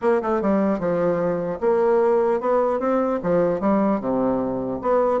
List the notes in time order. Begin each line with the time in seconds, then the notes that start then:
0.01 A#3
0.22 A3
0.41 G3
0.79 F3
1.60 A#3
2.40 B3
2.79 C4
3.23 F3
3.60 G3
4.00 C3
4.81 B3